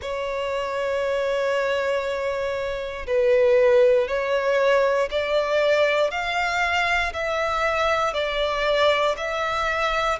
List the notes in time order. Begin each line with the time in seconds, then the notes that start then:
0.01 C#5
3.06 B4
4.07 C#5
5.10 D5
6.11 F5
7.13 E5
8.14 D5
9.17 E5